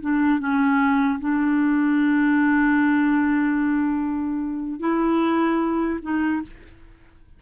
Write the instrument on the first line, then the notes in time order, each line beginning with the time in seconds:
clarinet
0.00 D4
0.39 C#4
1.19 D4
4.79 E4
6.01 D#4